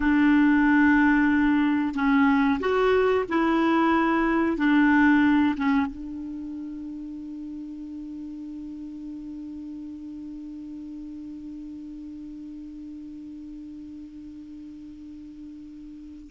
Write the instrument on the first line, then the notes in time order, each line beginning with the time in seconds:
clarinet
0.00 D4
1.94 C#4
2.60 F#4
3.28 E4
4.57 D4
5.56 C#4
5.86 D4